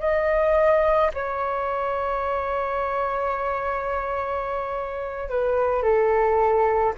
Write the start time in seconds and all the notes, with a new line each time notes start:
0.00 D#5
1.14 C#5
5.29 B4
5.83 A4